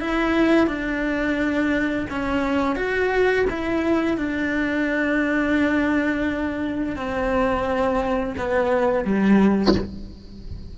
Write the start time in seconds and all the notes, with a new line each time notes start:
0.00 E4
0.67 D4
2.10 C#4
2.76 F#4
3.49 E4
4.17 D4
6.95 C4
8.37 B3
9.04 G3